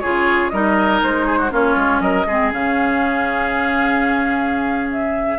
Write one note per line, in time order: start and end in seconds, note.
0.00 0.52 C#3
0.00 0.53 F4
0.00 0.52 G#4
0.00 0.50 C#5
0.50 1.02 G3
0.50 1.50 D#4
0.50 1.26 A#4
0.50 1.00 D#5
1.03 1.52 G#3
1.03 1.53 C5
1.26 1.38 G#4
1.38 1.51 F#4
1.50 1.76 A#3
1.50 2.25 C#4
1.50 2.02 F4
1.50 2.01 C#5
1.76 2.00 G#3
2.00 2.25 F#3
2.00 2.26 A#4
2.00 2.51 D#5
2.26 2.52 G#3
2.26 2.52 C4
2.26 5.39 G#4
2.52 5.39 C#3
2.52 5.39 C#4
2.52 4.91 F5
4.91 5.39 E5